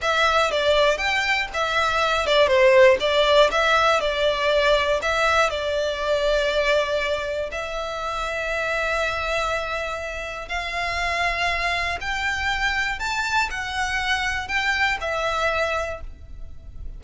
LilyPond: \new Staff \with { instrumentName = "violin" } { \time 4/4 \tempo 4 = 120 e''4 d''4 g''4 e''4~ | e''8 d''8 c''4 d''4 e''4 | d''2 e''4 d''4~ | d''2. e''4~ |
e''1~ | e''4 f''2. | g''2 a''4 fis''4~ | fis''4 g''4 e''2 | }